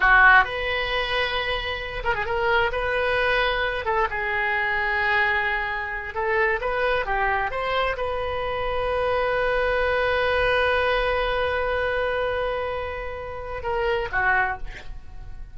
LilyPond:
\new Staff \with { instrumentName = "oboe" } { \time 4/4 \tempo 4 = 132 fis'4 b'2.~ | b'8 ais'16 gis'16 ais'4 b'2~ | b'8 a'8 gis'2.~ | gis'4. a'4 b'4 g'8~ |
g'8 c''4 b'2~ b'8~ | b'1~ | b'1~ | b'2 ais'4 fis'4 | }